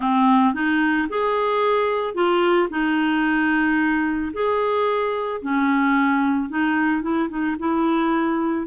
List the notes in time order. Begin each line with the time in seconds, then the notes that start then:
0.00 C4
0.54 D#4
1.09 G#4
2.14 F4
2.70 D#4
4.33 G#4
5.41 C#4
6.49 D#4
7.01 E4
7.29 D#4
7.58 E4